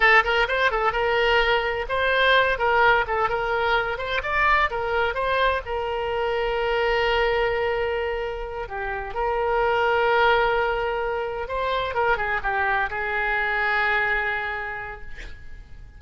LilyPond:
\new Staff \with { instrumentName = "oboe" } { \time 4/4 \tempo 4 = 128 a'8 ais'8 c''8 a'8 ais'2 | c''4. ais'4 a'8 ais'4~ | ais'8 c''8 d''4 ais'4 c''4 | ais'1~ |
ais'2~ ais'8 g'4 ais'8~ | ais'1~ | ais'8 c''4 ais'8 gis'8 g'4 gis'8~ | gis'1 | }